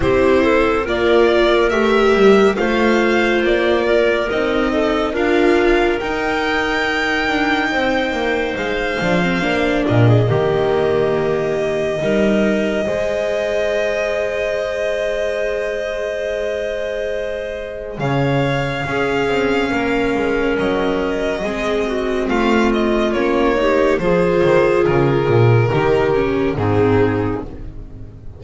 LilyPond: <<
  \new Staff \with { instrumentName = "violin" } { \time 4/4 \tempo 4 = 70 c''4 d''4 e''4 f''4 | d''4 dis''4 f''4 g''4~ | g''2 f''4. dis''8~ | dis''1~ |
dis''1~ | dis''4 f''2. | dis''2 f''8 dis''8 cis''4 | c''4 ais'2 gis'4 | }
  \new Staff \with { instrumentName = "clarinet" } { \time 4/4 g'8 a'8 ais'2 c''4~ | c''8 ais'4 a'8 ais'2~ | ais'4 c''2~ c''8 ais'16 gis'16 | g'2 ais'4 c''4~ |
c''1~ | c''4 cis''4 gis'4 ais'4~ | ais'4 gis'8 fis'8 f'4. g'8 | gis'2 g'4 dis'4 | }
  \new Staff \with { instrumentName = "viola" } { \time 4/4 e'4 f'4 g'4 f'4~ | f'4 dis'4 f'4 dis'4~ | dis'2~ dis'8 d'16 c'16 d'4 | ais2 dis'4 gis'4~ |
gis'1~ | gis'2 cis'2~ | cis'4 c'2 cis'8 dis'8 | f'2 dis'8 cis'8 c'4 | }
  \new Staff \with { instrumentName = "double bass" } { \time 4/4 c'4 ais4 a8 g8 a4 | ais4 c'4 d'4 dis'4~ | dis'8 d'8 c'8 ais8 gis8 f8 ais8 ais,8 | dis2 g4 gis4~ |
gis1~ | gis4 cis4 cis'8 c'8 ais8 gis8 | fis4 gis4 a4 ais4 | f8 dis8 cis8 ais,8 dis4 gis,4 | }
>>